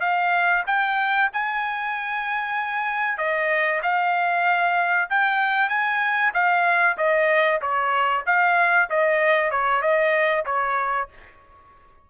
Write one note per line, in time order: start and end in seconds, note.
0.00 0.63 F5
0.66 1.29 G5
1.33 3.17 G#5
3.17 3.80 D#5
3.82 5.08 F5
5.09 5.69 G5
5.69 6.32 G#5
6.34 6.97 F5
6.97 7.60 D#5
7.61 8.24 C#5
8.26 8.89 F5
8.90 9.51 D#5
9.51 9.81 C#5
9.81 10.44 D#5
10.45 11.08 C#5